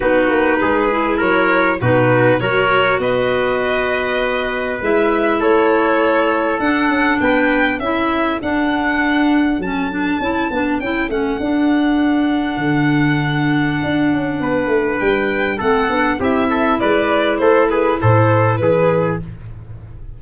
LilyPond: <<
  \new Staff \with { instrumentName = "violin" } { \time 4/4 \tempo 4 = 100 b'2 cis''4 b'4 | cis''4 dis''2. | e''4 cis''2 fis''4 | g''4 e''4 fis''2 |
a''2 g''8 fis''4.~ | fis''1~ | fis''4 g''4 fis''4 e''4 | d''4 c''8 b'8 c''4 b'4 | }
  \new Staff \with { instrumentName = "trumpet" } { \time 4/4 fis'4 gis'4 ais'4 fis'4 | ais'4 b'2.~ | b'4 a'2. | b'4 a'2.~ |
a'1~ | a'1 | b'2 a'4 g'8 a'8 | b'4 a'8 gis'8 a'4 gis'4 | }
  \new Staff \with { instrumentName = "clarinet" } { \time 4/4 dis'4. e'4. dis'4 | fis'1 | e'2. d'4~ | d'4 e'4 d'2 |
cis'8 d'8 e'8 d'8 e'8 cis'8 d'4~ | d'1~ | d'2 c'8 d'8 e'4~ | e'1 | }
  \new Staff \with { instrumentName = "tuba" } { \time 4/4 b8 ais8 gis4 fis4 b,4 | fis4 b2. | gis4 a2 d'8 cis'8 | b4 cis'4 d'2 |
fis4 cis'8 b8 cis'8 a8 d'4~ | d'4 d2 d'8 cis'8 | b8 a8 g4 a8 b8 c'4 | gis4 a4 a,4 e4 | }
>>